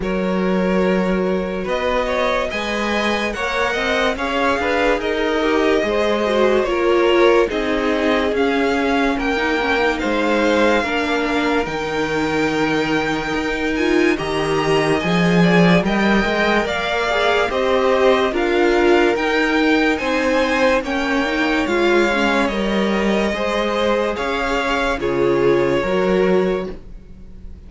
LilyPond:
<<
  \new Staff \with { instrumentName = "violin" } { \time 4/4 \tempo 4 = 72 cis''2 dis''4 gis''4 | fis''4 f''4 dis''2 | cis''4 dis''4 f''4 g''4 | f''2 g''2~ |
g''8 gis''8 ais''4 gis''4 g''4 | f''4 dis''4 f''4 g''4 | gis''4 g''4 f''4 dis''4~ | dis''4 f''4 cis''2 | }
  \new Staff \with { instrumentName = "violin" } { \time 4/4 ais'2 b'8 cis''8 dis''4 | cis''8 dis''8 cis''8 b'8 ais'4 c''4 | ais'4 gis'2 ais'4 | c''4 ais'2.~ |
ais'4 dis''4. d''8 dis''4 | d''4 c''4 ais'2 | c''4 cis''2. | c''4 cis''4 gis'4 ais'4 | }
  \new Staff \with { instrumentName = "viola" } { \time 4/4 fis'2. b'4 | ais'4 gis'4. g'8 gis'8 fis'8 | f'4 dis'4 cis'4~ cis'16 dis'16 cis'16 dis'16~ | dis'4 d'4 dis'2~ |
dis'8 f'8 g'4 gis'4 ais'4~ | ais'8 gis'8 g'4 f'4 dis'4~ | dis'4 cis'8 dis'8 f'8 cis'8 ais'4 | gis'2 f'4 fis'4 | }
  \new Staff \with { instrumentName = "cello" } { \time 4/4 fis2 b4 gis4 | ais8 c'8 cis'8 d'8 dis'4 gis4 | ais4 c'4 cis'4 ais4 | gis4 ais4 dis2 |
dis'4 dis4 f4 g8 gis8 | ais4 c'4 d'4 dis'4 | c'4 ais4 gis4 g4 | gis4 cis'4 cis4 fis4 | }
>>